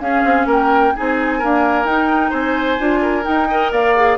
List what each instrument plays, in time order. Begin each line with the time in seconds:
0.00 bassoon C#4, clarinet C#4, oboe G#4, flute F5
0.24 bassoon C4
0.46 bassoon A#3, oboe A#4, flute G5
0.95 bassoon C4, clarinet D#4, oboe G#4, flute G#5
1.38 clarinet A#3, bassoon D4, oboe A#4
1.84 bassoon D#4, clarinet D#4, flute G5
2.30 bassoon C4, oboe C5, flute G#5
2.78 bassoon D4, clarinet F4
3.01 oboe A#4
3.22 clarinet D#4, bassoon D#4, flute G5
3.49 clarinet A#4, oboe D#5
3.72 bassoon A#3, oboe D5, flute F5
3.96 clarinet G#4